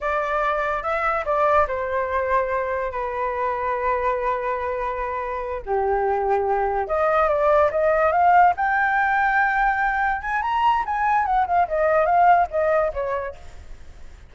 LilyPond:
\new Staff \with { instrumentName = "flute" } { \time 4/4 \tempo 4 = 144 d''2 e''4 d''4 | c''2. b'4~ | b'1~ | b'4. g'2~ g'8~ |
g'8 dis''4 d''4 dis''4 f''8~ | f''8 g''2.~ g''8~ | g''8 gis''8 ais''4 gis''4 fis''8 f''8 | dis''4 f''4 dis''4 cis''4 | }